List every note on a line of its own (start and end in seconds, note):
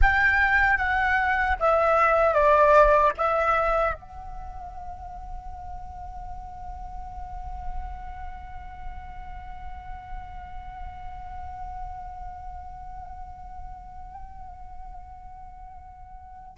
0.01 0.77 G5
0.77 1.56 F#5
1.59 2.33 E5
2.33 3.12 D5
3.17 3.94 E5
3.94 16.57 F#5